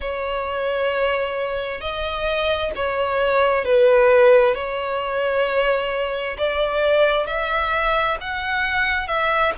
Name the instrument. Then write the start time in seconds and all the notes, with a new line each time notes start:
violin
0.00 C#5
1.80 D#5
2.75 C#5
3.64 B4
4.55 C#5
6.37 D5
7.26 E5
8.20 F#5
9.07 E5